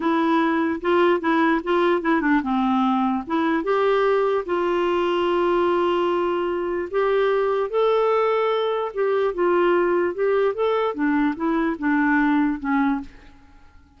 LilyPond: \new Staff \with { instrumentName = "clarinet" } { \time 4/4 \tempo 4 = 148 e'2 f'4 e'4 | f'4 e'8 d'8 c'2 | e'4 g'2 f'4~ | f'1~ |
f'4 g'2 a'4~ | a'2 g'4 f'4~ | f'4 g'4 a'4 d'4 | e'4 d'2 cis'4 | }